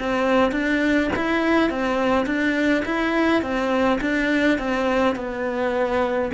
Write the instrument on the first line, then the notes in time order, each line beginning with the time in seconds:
cello
0.00 C4
0.52 D4
1.16 E4
1.70 C4
2.26 D4
2.86 E4
3.42 C4
4.01 D4
4.59 C4
5.16 B3